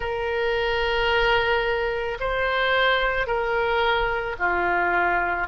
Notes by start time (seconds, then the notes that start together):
0.00 A#4
2.20 C5
3.26 A#4
4.38 F4